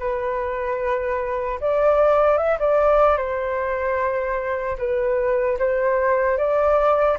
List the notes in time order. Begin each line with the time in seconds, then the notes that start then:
0.00 B4
1.61 D5
2.38 E5
2.60 D5
3.18 C5
4.79 B4
5.59 C5
6.38 D5